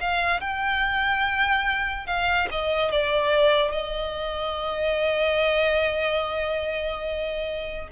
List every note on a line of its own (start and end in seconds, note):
0.00 0.41 F5
0.41 2.06 G5
2.06 2.48 F5
2.51 2.91 D#5
2.91 3.71 D5
3.71 7.88 D#5